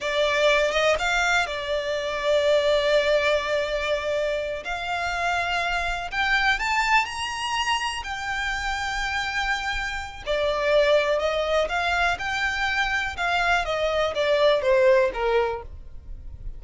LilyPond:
\new Staff \with { instrumentName = "violin" } { \time 4/4 \tempo 4 = 123 d''4. dis''8 f''4 d''4~ | d''1~ | d''4. f''2~ f''8~ | f''8 g''4 a''4 ais''4.~ |
ais''8 g''2.~ g''8~ | g''4 d''2 dis''4 | f''4 g''2 f''4 | dis''4 d''4 c''4 ais'4 | }